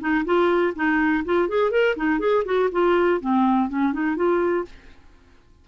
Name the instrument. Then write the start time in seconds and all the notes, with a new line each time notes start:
clarinet
0.00 D#4
0.25 F4
0.75 D#4
1.25 F4
1.48 G#4
1.71 A#4
1.96 D#4
2.19 G#4
2.45 F#4
2.71 F4
3.20 C4
3.69 C#4
3.93 D#4
4.16 F4